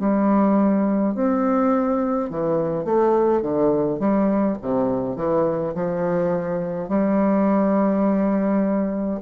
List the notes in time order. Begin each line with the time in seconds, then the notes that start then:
0.00 G3
1.15 C4
2.30 E3
2.85 A3
3.42 D3
4.00 G3
4.62 C3
5.17 E3
5.75 F3
6.89 G3